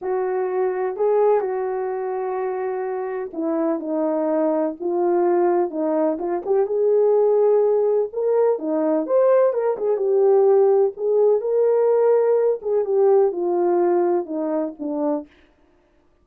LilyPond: \new Staff \with { instrumentName = "horn" } { \time 4/4 \tempo 4 = 126 fis'2 gis'4 fis'4~ | fis'2. e'4 | dis'2 f'2 | dis'4 f'8 g'8 gis'2~ |
gis'4 ais'4 dis'4 c''4 | ais'8 gis'8 g'2 gis'4 | ais'2~ ais'8 gis'8 g'4 | f'2 dis'4 d'4 | }